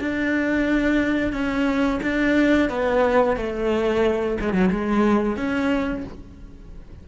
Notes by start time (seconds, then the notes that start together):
0.00 D4
1.32 C#4
2.03 D4
2.69 B3
3.36 A3
4.40 G#3
4.53 F#3
4.70 G#3
5.36 C#4